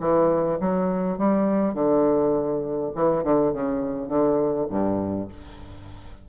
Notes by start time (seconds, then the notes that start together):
0.00 E3
0.60 F#3
1.18 G3
1.74 D3
2.95 E3
3.24 D3
3.53 C#3
4.09 D3
4.70 G2